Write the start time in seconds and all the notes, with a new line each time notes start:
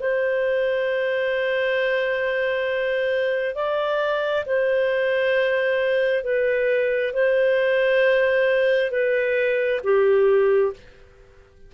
0.00 C5
3.55 D5
4.46 C5
6.24 B4
7.14 C5
8.91 B4
9.84 G4